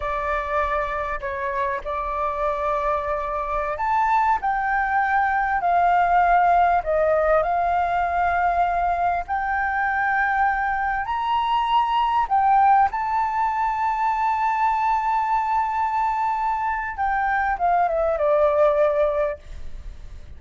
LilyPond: \new Staff \with { instrumentName = "flute" } { \time 4/4 \tempo 4 = 99 d''2 cis''4 d''4~ | d''2~ d''16 a''4 g''8.~ | g''4~ g''16 f''2 dis''8.~ | dis''16 f''2. g''8.~ |
g''2~ g''16 ais''4.~ ais''16~ | ais''16 g''4 a''2~ a''8.~ | a''1 | g''4 f''8 e''8 d''2 | }